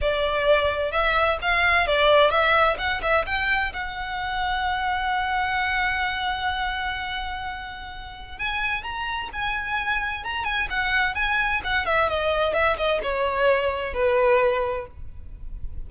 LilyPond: \new Staff \with { instrumentName = "violin" } { \time 4/4 \tempo 4 = 129 d''2 e''4 f''4 | d''4 e''4 fis''8 e''8 g''4 | fis''1~ | fis''1~ |
fis''2 gis''4 ais''4 | gis''2 ais''8 gis''8 fis''4 | gis''4 fis''8 e''8 dis''4 e''8 dis''8 | cis''2 b'2 | }